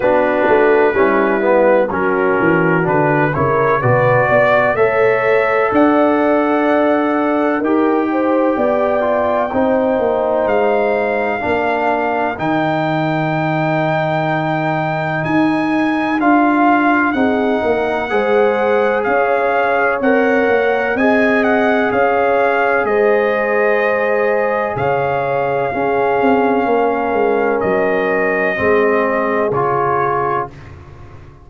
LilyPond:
<<
  \new Staff \with { instrumentName = "trumpet" } { \time 4/4 \tempo 4 = 63 b'2 ais'4 b'8 cis''8 | d''4 e''4 fis''2 | g''2. f''4~ | f''4 g''2. |
gis''4 f''4 fis''2 | f''4 fis''4 gis''8 fis''8 f''4 | dis''2 f''2~ | f''4 dis''2 cis''4 | }
  \new Staff \with { instrumentName = "horn" } { \time 4/4 fis'4 e'4 fis'4. ais'8 | b'8 d''8 cis''4 d''2 | ais'8 c''8 d''4 c''2 | ais'1~ |
ais'2 gis'8 ais'8 c''4 | cis''2 dis''4 cis''4 | c''2 cis''4 gis'4 | ais'2 gis'2 | }
  \new Staff \with { instrumentName = "trombone" } { \time 4/4 d'4 cis'8 b8 cis'4 d'8 e'8 | fis'4 a'2. | g'4. f'8 dis'2 | d'4 dis'2.~ |
dis'4 f'4 dis'4 gis'4~ | gis'4 ais'4 gis'2~ | gis'2. cis'4~ | cis'2 c'4 f'4 | }
  \new Staff \with { instrumentName = "tuba" } { \time 4/4 b8 a8 g4 fis8 e8 d8 cis8 | b,8 b8 a4 d'2 | dis'4 b4 c'8 ais8 gis4 | ais4 dis2. |
dis'4 d'4 c'8 ais8 gis4 | cis'4 c'8 ais8 c'4 cis'4 | gis2 cis4 cis'8 c'8 | ais8 gis8 fis4 gis4 cis4 | }
>>